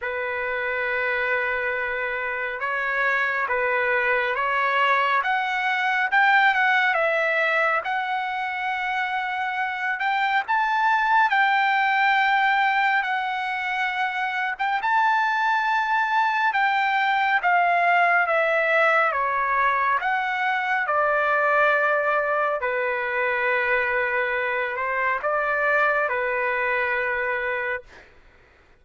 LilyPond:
\new Staff \with { instrumentName = "trumpet" } { \time 4/4 \tempo 4 = 69 b'2. cis''4 | b'4 cis''4 fis''4 g''8 fis''8 | e''4 fis''2~ fis''8 g''8 | a''4 g''2 fis''4~ |
fis''8. g''16 a''2 g''4 | f''4 e''4 cis''4 fis''4 | d''2 b'2~ | b'8 c''8 d''4 b'2 | }